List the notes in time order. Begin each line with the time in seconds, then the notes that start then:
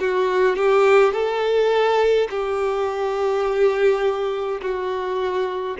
0.00 F#4
0.56 G4
1.13 A4
2.30 G4
4.62 F#4